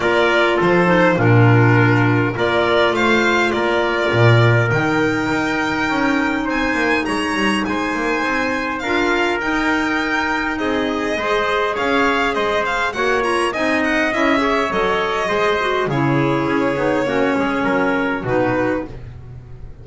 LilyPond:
<<
  \new Staff \with { instrumentName = "violin" } { \time 4/4 \tempo 4 = 102 d''4 c''4 ais'2 | d''4 f''4 d''2 | g''2. gis''4 | ais''4 gis''2 f''4 |
g''2 dis''2 | f''4 dis''8 f''8 fis''8 ais''8 gis''8 fis''8 | e''4 dis''2 cis''4~ | cis''2. b'4 | }
  \new Staff \with { instrumentName = "trumpet" } { \time 4/4 ais'4 a'4 f'2 | ais'4 c''4 ais'2~ | ais'2. c''4 | cis''4 c''2 ais'4~ |
ais'2 gis'4 c''4 | cis''4 c''4 cis''4 dis''4~ | dis''8 cis''4. c''4 gis'4~ | gis'4 fis'8 gis'8 ais'4 fis'4 | }
  \new Staff \with { instrumentName = "clarinet" } { \time 4/4 f'4. dis'8 d'2 | f'1 | dis'1~ | dis'2. f'4 |
dis'2. gis'4~ | gis'2 fis'8 f'8 dis'4 | e'8 gis'8 a'4 gis'8 fis'8 e'4~ | e'8 dis'8 cis'2 dis'4 | }
  \new Staff \with { instrumentName = "double bass" } { \time 4/4 ais4 f4 ais,2 | ais4 a4 ais4 ais,4 | dis4 dis'4 cis'4 c'8 ais8 | gis8 g8 gis8 ais8 c'4 d'4 |
dis'2 c'4 gis4 | cis'4 gis4 ais4 c'4 | cis'4 fis4 gis4 cis4 | cis'8 b8 ais8 gis8 fis4 b,4 | }
>>